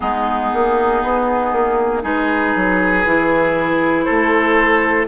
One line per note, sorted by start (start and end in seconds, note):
0.00 0.52 G#3
0.00 2.01 B3
0.00 2.03 D#4
0.00 2.03 G#4
0.53 1.03 A#3
1.03 1.52 B3
1.52 2.03 A#3
2.01 2.54 G#3
2.01 3.03 D#4
2.01 4.04 G#4
2.01 4.03 B4
2.55 3.05 F#3
3.05 4.07 E3
3.05 5.07 E4
4.03 5.06 A4
4.03 5.05 C5
4.10 5.07 A3